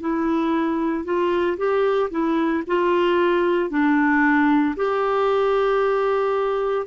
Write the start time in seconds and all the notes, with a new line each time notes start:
0.00 E4
1.04 F4
1.57 G4
2.11 E4
2.67 F4
3.69 D4
4.76 G4